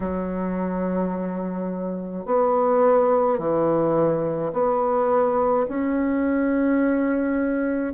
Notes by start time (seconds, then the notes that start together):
0.00 F#3
2.25 B3
3.39 E3
4.53 B3
5.68 C#4